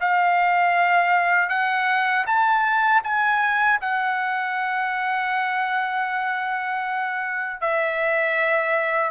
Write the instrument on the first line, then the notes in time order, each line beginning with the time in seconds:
trumpet
0.00 F5
1.49 F#5
2.26 A5
3.03 G#5
3.81 F#5
7.61 E5